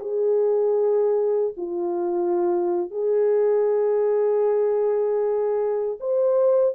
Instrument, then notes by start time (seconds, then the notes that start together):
horn
0.00 G#4
1.57 F4
2.91 G#4
6.00 C5